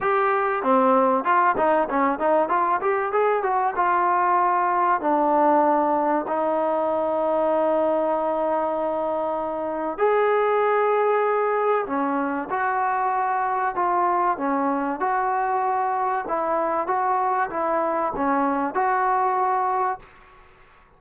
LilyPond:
\new Staff \with { instrumentName = "trombone" } { \time 4/4 \tempo 4 = 96 g'4 c'4 f'8 dis'8 cis'8 dis'8 | f'8 g'8 gis'8 fis'8 f'2 | d'2 dis'2~ | dis'1 |
gis'2. cis'4 | fis'2 f'4 cis'4 | fis'2 e'4 fis'4 | e'4 cis'4 fis'2 | }